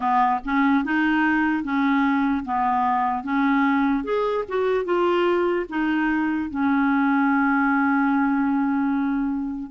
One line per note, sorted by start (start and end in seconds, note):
0.00 0.39 B3
0.44 0.84 C#4
0.84 1.63 D#4
1.63 2.44 C#4
2.44 3.23 B3
3.23 4.04 C#4
4.04 4.44 G#4
4.48 4.84 F#4
4.84 5.65 F4
5.69 6.50 D#4
6.50 9.70 C#4